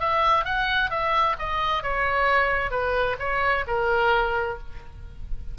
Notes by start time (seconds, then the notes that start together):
0.00 E5
0.45 F#5
0.91 E5
1.39 D#5
1.83 C#5
2.71 B4
3.19 C#5
3.68 A#4